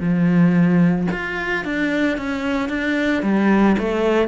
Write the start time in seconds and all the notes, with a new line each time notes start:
0.00 F3
1.11 F4
1.64 D4
2.17 C#4
2.69 D4
3.22 G3
3.78 A3